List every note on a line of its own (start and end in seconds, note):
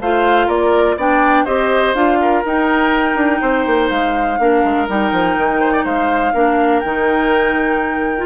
0.00 0.47 A3
0.00 0.99 F4
0.00 0.47 C5
0.00 0.49 F5
0.47 0.96 A#3
0.47 0.96 A#4
0.47 0.98 D5
0.96 1.45 B3
0.96 1.46 D4
0.96 1.45 D5
0.96 1.45 G5
1.45 1.94 C4
1.45 1.95 G4
1.45 2.18 C5
1.45 1.94 D#5
1.94 2.43 D4
1.94 2.43 F4
1.94 2.43 F5
2.21 3.41 A#4
2.45 3.15 D#4
2.45 4.39 D#4
2.45 3.89 G5
3.15 3.39 D4
3.41 3.66 C4
3.41 4.39 C5
3.66 3.90 A#3
3.89 4.39 G#3
3.89 4.87 F5
4.39 4.63 A#3
4.39 4.88 D4
4.39 5.60 A#4
4.64 4.88 G#3
4.88 5.12 G3
4.88 6.34 D#4
4.88 5.85 G5
5.12 5.36 F3
5.37 5.84 D#3
5.60 5.72 C5
5.72 5.84 D5
5.84 6.33 G#3
5.84 6.33 C5
5.84 6.79 F5
6.34 6.82 A#3
6.34 6.83 D4
6.34 8.26 A#4
6.79 8.26 D#3
6.79 8.18 D#4
6.79 8.26 G5
8.18 8.26 F4